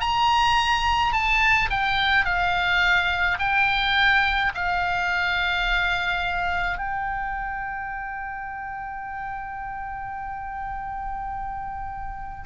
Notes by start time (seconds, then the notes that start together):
0.00 A#5
1.13 A5
1.70 G5
2.25 F5
3.39 G5
4.55 F5
6.78 G5